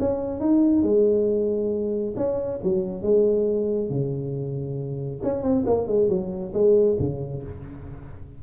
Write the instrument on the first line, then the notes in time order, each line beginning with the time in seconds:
tuba
0.00 C#4
0.40 D#4
0.83 G#3
2.17 C#4
2.63 F#3
3.03 G#3
3.90 C#3
5.24 C#4
5.43 C4
5.67 A#3
5.88 G#3
6.09 F#3
6.54 G#3
6.99 C#3